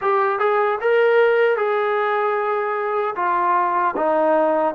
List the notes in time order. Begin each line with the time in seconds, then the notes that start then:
0.01 G4
0.39 G#4
0.81 A#4
1.56 G#4
3.15 F4
3.96 D#4